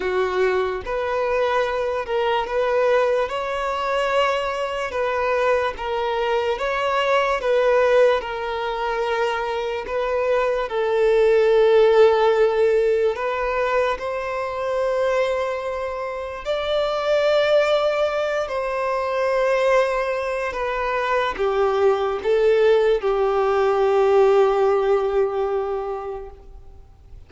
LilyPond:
\new Staff \with { instrumentName = "violin" } { \time 4/4 \tempo 4 = 73 fis'4 b'4. ais'8 b'4 | cis''2 b'4 ais'4 | cis''4 b'4 ais'2 | b'4 a'2. |
b'4 c''2. | d''2~ d''8 c''4.~ | c''4 b'4 g'4 a'4 | g'1 | }